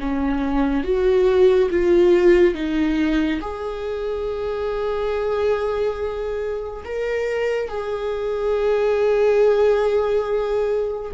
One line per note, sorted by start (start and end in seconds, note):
0.00 0.84 C#4
0.84 1.70 F#4
1.71 2.54 F4
2.54 3.40 D#4
3.41 6.84 G#4
6.85 7.69 A#4
7.69 11.12 G#4